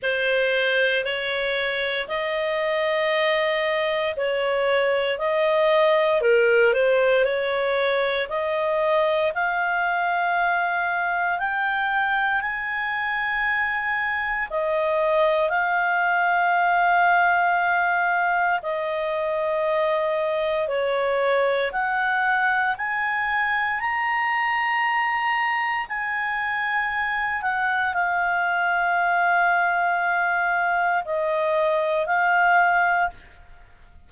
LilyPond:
\new Staff \with { instrumentName = "clarinet" } { \time 4/4 \tempo 4 = 58 c''4 cis''4 dis''2 | cis''4 dis''4 ais'8 c''8 cis''4 | dis''4 f''2 g''4 | gis''2 dis''4 f''4~ |
f''2 dis''2 | cis''4 fis''4 gis''4 ais''4~ | ais''4 gis''4. fis''8 f''4~ | f''2 dis''4 f''4 | }